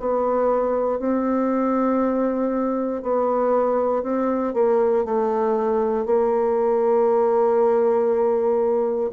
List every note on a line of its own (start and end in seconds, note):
0.00 1.00 B3
1.00 3.03 C4
3.03 4.03 B3
4.03 4.54 C4
4.54 5.05 A#3
5.05 6.06 A3
6.06 9.11 A#3